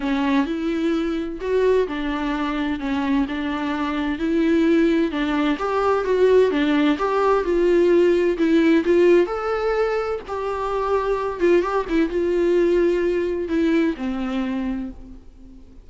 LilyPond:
\new Staff \with { instrumentName = "viola" } { \time 4/4 \tempo 4 = 129 cis'4 e'2 fis'4 | d'2 cis'4 d'4~ | d'4 e'2 d'4 | g'4 fis'4 d'4 g'4 |
f'2 e'4 f'4 | a'2 g'2~ | g'8 f'8 g'8 e'8 f'2~ | f'4 e'4 c'2 | }